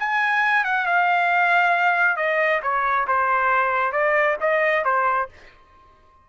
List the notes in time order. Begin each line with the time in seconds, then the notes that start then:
0.00 G#5
0.64 F#5
0.87 F5
2.17 D#5
2.63 C#5
3.08 C5
3.93 D5
4.41 D#5
4.85 C5